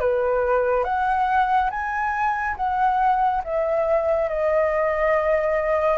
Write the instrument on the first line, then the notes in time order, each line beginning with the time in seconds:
flute
0.00 B4
0.84 F#5
1.70 G#5
2.57 F#5
3.44 E5
4.29 D#5